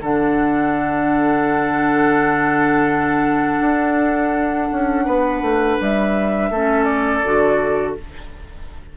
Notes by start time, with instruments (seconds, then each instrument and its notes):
0.00 bassoon D3, clarinet D4, oboe A4, flute F#5
3.60 bassoon D4
4.72 bassoon C#4
5.05 bassoon B3, oboe B4
5.42 bassoon A3
5.80 bassoon G3, flute E5
6.50 bassoon A3, clarinet C#4, oboe A4
6.84 flute D5
7.24 bassoon D3, clarinet F#4